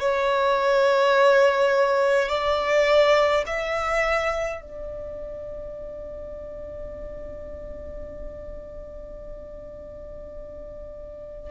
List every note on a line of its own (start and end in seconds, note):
0.00 2.29 C#5
2.29 3.44 D5
3.46 4.62 E5
4.62 11.51 D5